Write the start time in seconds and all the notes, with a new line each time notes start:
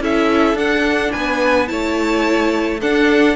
0.00 C#4 E4 A4 E5
0.54 D4 F#5
1.12 B3 B4 G#5
1.67 A3 E4 C#5 A5
2.80 D4 A4 F#5